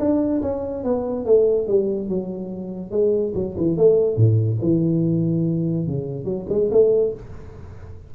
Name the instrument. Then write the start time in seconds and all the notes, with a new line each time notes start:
tuba
0.00 D4
0.42 C#4
0.84 B3
1.26 A3
1.68 G3
2.09 F#3
2.92 G#3
3.35 F#3
3.58 E3
3.77 A3
4.17 A2
4.62 E3
5.87 C#3
6.25 F#3
6.50 G#3
6.72 A3